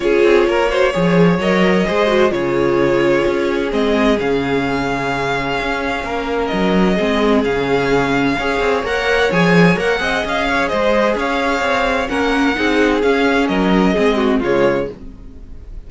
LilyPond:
<<
  \new Staff \with { instrumentName = "violin" } { \time 4/4 \tempo 4 = 129 cis''2. dis''4~ | dis''4 cis''2. | dis''4 f''2.~ | f''2 dis''2 |
f''2. fis''4 | gis''4 fis''4 f''4 dis''4 | f''2 fis''2 | f''4 dis''2 cis''4 | }
  \new Staff \with { instrumentName = "violin" } { \time 4/4 gis'4 ais'8 c''8 cis''2 | c''4 gis'2.~ | gis'1~ | gis'4 ais'2 gis'4~ |
gis'2 cis''2~ | cis''4. dis''4 cis''8 c''4 | cis''2 ais'4 gis'4~ | gis'4 ais'4 gis'8 fis'8 f'4 | }
  \new Staff \with { instrumentName = "viola" } { \time 4/4 f'4. fis'8 gis'4 ais'4 | gis'8 fis'8 f'2. | c'4 cis'2.~ | cis'2. c'4 |
cis'2 gis'4 ais'4 | gis'4 ais'8 gis'2~ gis'8~ | gis'2 cis'4 dis'4 | cis'2 c'4 gis4 | }
  \new Staff \with { instrumentName = "cello" } { \time 4/4 cis'8 c'8 ais4 f4 fis4 | gis4 cis2 cis'4 | gis4 cis2. | cis'4 ais4 fis4 gis4 |
cis2 cis'8 c'8 ais4 | f4 ais8 c'8 cis'4 gis4 | cis'4 c'4 ais4 c'4 | cis'4 fis4 gis4 cis4 | }
>>